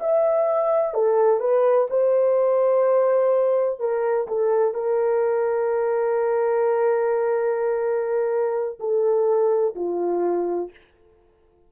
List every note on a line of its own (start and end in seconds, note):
0.00 0.94 E5
0.94 1.40 A4
1.40 1.87 B4
1.90 3.79 C5
3.79 4.27 A#4
4.27 4.74 A4
4.74 8.78 A#4
8.79 9.74 A4
9.75 10.70 F4